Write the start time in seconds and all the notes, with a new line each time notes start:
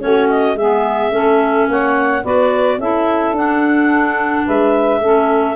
0.00 A3 C#4 F#4 C#5
0.30 D#5
0.55 G#3 G#4 E5
0.61 B3
1.11 A3 C#4 A4
1.69 A#3 C#5 F#5
2.23 B3 F#4 B4 D5
2.79 C#4 E4 A4 E5
3.32 D4 F#5
4.46 G#3 B4 E5
5.00 A3 C#4 A4